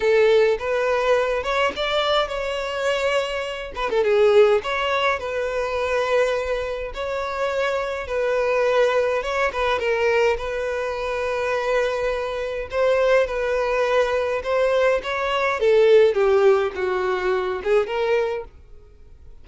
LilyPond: \new Staff \with { instrumentName = "violin" } { \time 4/4 \tempo 4 = 104 a'4 b'4. cis''8 d''4 | cis''2~ cis''8 b'16 a'16 gis'4 | cis''4 b'2. | cis''2 b'2 |
cis''8 b'8 ais'4 b'2~ | b'2 c''4 b'4~ | b'4 c''4 cis''4 a'4 | g'4 fis'4. gis'8 ais'4 | }